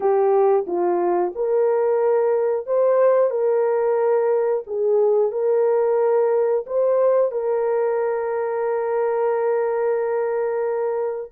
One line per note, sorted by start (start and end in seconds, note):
0.00 0.65 G4
0.66 1.33 F4
1.35 2.66 A#4
2.66 3.30 C5
3.30 4.63 A#4
4.66 5.31 G#4
5.31 6.65 A#4
6.66 7.32 C5
7.32 11.32 A#4